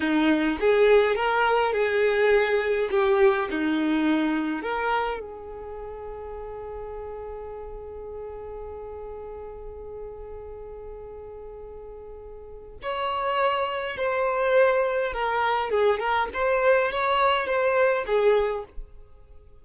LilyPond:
\new Staff \with { instrumentName = "violin" } { \time 4/4 \tempo 4 = 103 dis'4 gis'4 ais'4 gis'4~ | gis'4 g'4 dis'2 | ais'4 gis'2.~ | gis'1~ |
gis'1~ | gis'2 cis''2 | c''2 ais'4 gis'8 ais'8 | c''4 cis''4 c''4 gis'4 | }